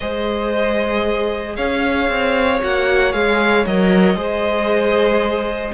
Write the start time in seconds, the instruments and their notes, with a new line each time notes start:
0.00 cello G#3, viola G#4, violin C5 D#5
1.55 cello C#4, violin C#5 F5
2.09 cello C4
2.60 cello A#3, viola F#4, violin F#5
3.12 cello G#3, viola G#4, violin F5
3.65 cello F#3, viola A#4, violin D#5
4.15 cello G#3, viola G#4, violin C5